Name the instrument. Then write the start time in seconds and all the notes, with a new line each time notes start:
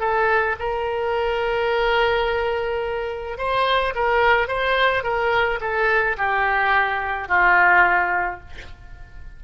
oboe
0.00 A4
0.59 A#4
3.38 C5
3.95 A#4
4.48 C5
5.04 A#4
5.61 A4
6.18 G4
7.28 F4